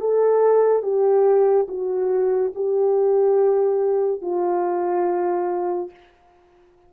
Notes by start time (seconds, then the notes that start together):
0.00 A4
0.83 G4
1.68 F#4
2.55 G4
4.21 F4